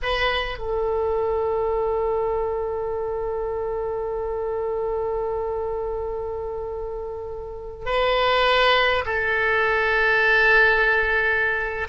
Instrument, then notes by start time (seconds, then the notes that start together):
oboe
0.02 B4
0.58 A4
7.85 B4
9.05 A4